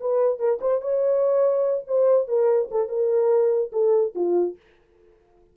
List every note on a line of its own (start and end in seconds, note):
0.00 0.38 B4
0.38 0.59 A#4
0.61 0.81 C5
0.81 1.84 C#5
1.87 2.28 C5
2.28 2.69 A#4
2.71 2.88 A4
2.88 3.71 A#4
3.72 4.13 A4
4.15 4.56 F4